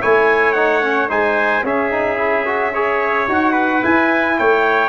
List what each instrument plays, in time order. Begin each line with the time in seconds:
0.00 tuba A3, trombone E4, trumpet C#5 G#5
0.52 trombone D#4, trumpet F#5
0.82 trombone C#4
1.08 tuba G#3, trombone D#4, trumpet C5 G#5
1.63 tuba C#4, trombone C#4, trumpet G#4 E5
1.90 trombone D#4
2.16 trombone E4
2.45 trombone F#4
2.73 trombone G#4, trumpet C#5
3.28 tuba D#4, trombone F#4, trumpet F#5
3.52 trumpet B4
3.81 trombone E4, tuba E4, trumpet G#5
4.38 tuba A3, trumpet C#5 G5